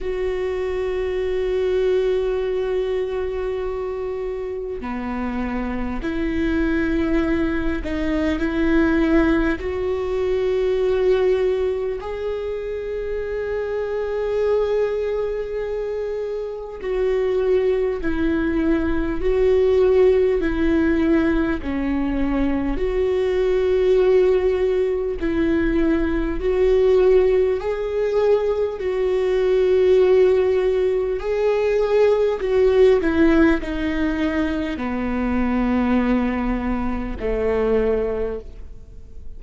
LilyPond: \new Staff \with { instrumentName = "viola" } { \time 4/4 \tempo 4 = 50 fis'1 | b4 e'4. dis'8 e'4 | fis'2 gis'2~ | gis'2 fis'4 e'4 |
fis'4 e'4 cis'4 fis'4~ | fis'4 e'4 fis'4 gis'4 | fis'2 gis'4 fis'8 e'8 | dis'4 b2 a4 | }